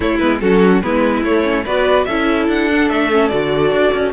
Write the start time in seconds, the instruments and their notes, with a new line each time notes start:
0.00 viola A3, cello A3, violin E4 C#5
0.17 cello G#3, viola B3, violin B4
0.40 cello F#3, viola C#4, violin F#4 A4
0.82 cello G#3, viola B3, violin E4 B4
1.23 cello A3, viola A3, violin C#5
1.44 viola C#4
1.64 cello B3, viola F#4, violin B4 D5
2.05 cello C#4, viola E4, violin A4 E5
2.48 cello D4, violin F#5
2.70 viola D4
2.89 cello A3, violin E5
3.11 viola C#4
3.28 cello D3, viola F#4, violin D5
3.71 cello D4
3.93 cello C#4